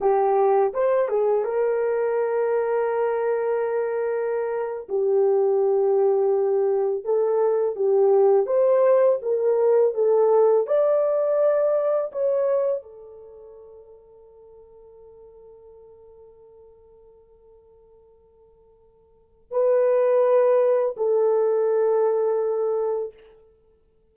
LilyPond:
\new Staff \with { instrumentName = "horn" } { \time 4/4 \tempo 4 = 83 g'4 c''8 gis'8 ais'2~ | ais'2~ ais'8. g'4~ g'16~ | g'4.~ g'16 a'4 g'4 c''16~ | c''8. ais'4 a'4 d''4~ d''16~ |
d''8. cis''4 a'2~ a'16~ | a'1~ | a'2. b'4~ | b'4 a'2. | }